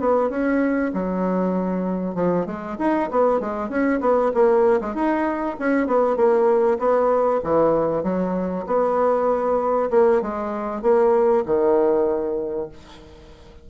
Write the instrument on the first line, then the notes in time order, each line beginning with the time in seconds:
bassoon
0.00 B3
0.30 C#4
0.94 F#3
2.15 F3
2.46 G#3
2.79 D#4
3.11 B3
3.40 G#3
3.69 C#4
4.01 B3
4.34 A#3
4.81 G#3
4.95 D#4
5.60 C#4
5.87 B3
6.17 A#3
6.79 B3
7.44 E3
8.04 F#3
8.67 B3
9.91 A#3
10.22 G#3
10.82 A#3
11.46 D#3